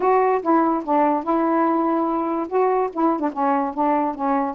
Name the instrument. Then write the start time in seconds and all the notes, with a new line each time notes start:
saxophone
0.00 F#4
0.42 E4
0.84 D4
1.23 E4
2.48 F#4
2.92 E4
3.20 D4
3.32 C#4
3.74 D4
4.14 C#4